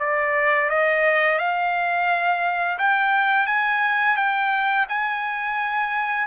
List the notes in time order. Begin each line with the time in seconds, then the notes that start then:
0.00 D5
0.70 D#5
1.39 F5
2.79 G5
3.47 G#5
4.17 G5
4.89 G#5